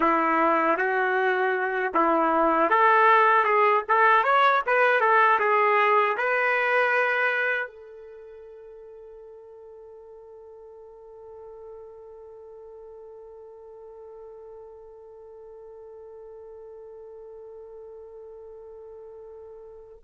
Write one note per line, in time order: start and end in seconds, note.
0.00 0.77 E4
0.77 1.92 F#4
1.94 2.70 E4
2.70 3.44 A4
3.44 3.82 G#4
3.88 4.23 A4
4.23 4.62 C#5
4.66 5.00 B4
5.00 5.38 A4
5.39 6.16 G#4
6.17 7.67 B4
7.67 19.98 A4